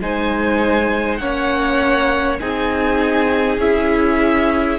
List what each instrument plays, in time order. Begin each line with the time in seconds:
0.00 cello G#3, viola D#4, violin C5 G#5
1.16 cello A#3, viola C#4, violin C#5 F#5
2.39 cello C4, viola D#4, violin G#4 G#5
3.58 cello C#4, viola E4, violin E5